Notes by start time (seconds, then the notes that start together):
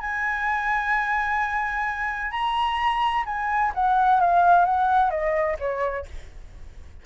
0.00 G#5
2.31 A#5
3.26 G#5
3.74 F#5
4.21 F5
4.65 F#5
5.10 D#5
5.59 C#5